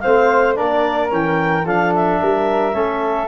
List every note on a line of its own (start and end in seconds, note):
0.00 0.60 A3
0.00 0.56 C4
0.00 0.57 C5
0.00 0.55 F5
0.56 1.12 A#3
0.56 1.10 D4
0.56 1.65 A#4
0.56 1.10 D5
1.10 1.66 E3
1.10 1.64 C#4
1.10 1.66 G5
1.65 2.21 F3
1.65 2.73 D4
1.65 2.20 A4
1.65 1.94 F5
1.95 3.28 E5
2.21 2.74 G3
2.21 2.75 A#4
2.73 3.28 A3
2.73 3.28 C#4
2.73 3.28 A4